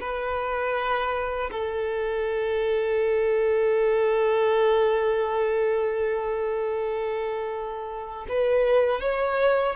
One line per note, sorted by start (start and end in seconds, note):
0.00 1.50 B4
1.51 8.26 A4
8.28 9.00 B4
9.00 9.75 C#5